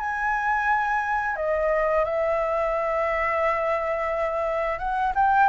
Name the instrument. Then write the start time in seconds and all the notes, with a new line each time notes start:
flute
0.00 G#5
1.36 D#5
2.05 E5
4.79 F#5
5.16 G5